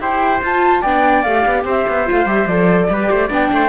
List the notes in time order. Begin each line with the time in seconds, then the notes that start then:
0.00 E4 G4 C5 G5
0.42 F4 A5
0.82 B3 D4 D5 G5
1.23 A3 G4 F5
1.46 B3
1.65 C4 C5 E5
1.88 B3
2.07 A3 F4 F5
2.26 G3 G4 E5
2.47 F3 A4 D5
2.90 G3 G4 B4
3.11 A3 C5
3.28 B3 D4 D5 G5
3.52 A3 C5